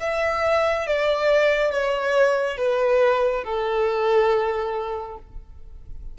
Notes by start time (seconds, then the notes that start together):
0.00 E5
0.87 D5
1.71 C#5
2.57 B4
3.44 A4